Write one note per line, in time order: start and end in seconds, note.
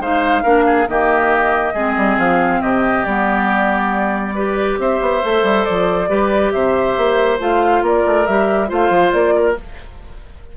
0.00 0.43 G#3
0.00 0.44 D#4
0.00 0.43 C5
0.00 0.89 F5
0.43 0.89 A#3
0.43 0.87 D4
0.43 0.65 A#4
0.66 0.88 G#4
0.89 1.74 D#3
0.89 1.76 A#3
0.89 1.74 G4
0.89 2.19 D#5
1.74 1.96 G#3
1.74 3.06 C4
1.74 2.61 G#4
1.97 2.18 G3
2.18 2.62 F3
2.18 2.62 F5
2.62 3.06 C3
2.62 4.35 G4
2.62 3.05 D#5
3.05 4.79 G3
3.05 4.36 B3
3.05 4.79 D5
4.35 5.23 G4
4.35 4.79 B4
4.79 5.00 C4
4.79 6.10 C5
4.79 5.64 E5
5.01 5.23 B3
5.23 5.43 A3
5.23 6.09 A4
5.43 5.65 G3
5.64 6.09 F3
5.64 6.51 D5
6.09 6.52 G3
6.09 7.39 G4
6.09 6.53 B4
6.52 6.97 C3
6.52 7.84 C5
6.52 7.39 E5
6.97 7.40 A#3
7.39 7.82 A3
7.39 8.26 F4
7.39 7.86 F5
7.82 8.04 A#3
7.82 8.69 A#4
7.82 8.27 D5
8.06 8.28 A3
8.27 8.71 G3
8.27 8.68 G4
8.27 8.70 E5
8.68 8.90 A3
8.68 9.55 F4
8.68 9.34 C5
8.68 9.13 F5
8.90 9.11 F3
9.13 9.57 A#3
9.13 9.56 D5
9.36 9.57 A#4